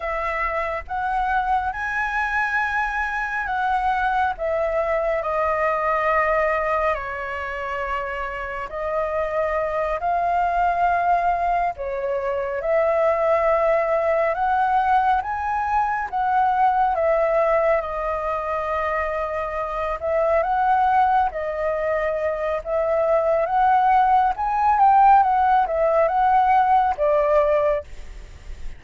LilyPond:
\new Staff \with { instrumentName = "flute" } { \time 4/4 \tempo 4 = 69 e''4 fis''4 gis''2 | fis''4 e''4 dis''2 | cis''2 dis''4. f''8~ | f''4. cis''4 e''4.~ |
e''8 fis''4 gis''4 fis''4 e''8~ | e''8 dis''2~ dis''8 e''8 fis''8~ | fis''8 dis''4. e''4 fis''4 | gis''8 g''8 fis''8 e''8 fis''4 d''4 | }